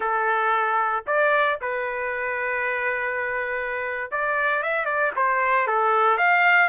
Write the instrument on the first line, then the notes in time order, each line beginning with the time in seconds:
trumpet
0.00 A4
1.06 D5
1.61 B4
4.11 D5
4.62 E5
4.85 D5
5.16 C5
5.67 A4
6.17 F5